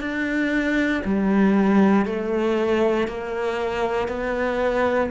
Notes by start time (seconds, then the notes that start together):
0.00 D4
1.04 G3
2.06 A3
3.07 A#3
4.08 B3